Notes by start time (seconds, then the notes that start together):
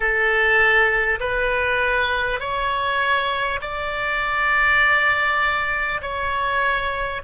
0.00 A4
1.19 B4
2.40 C#5
3.61 D5
6.01 C#5